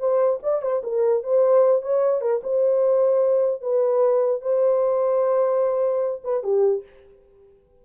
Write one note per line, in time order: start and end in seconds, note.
0.00 0.40 C5
0.43 0.62 D5
0.62 0.82 C5
0.83 1.23 A#4
1.23 1.82 C5
1.82 2.21 C#5
2.21 2.41 A#4
2.44 3.62 C5
3.62 4.42 B4
4.42 6.22 C5
6.24 6.43 B4
6.43 6.83 G4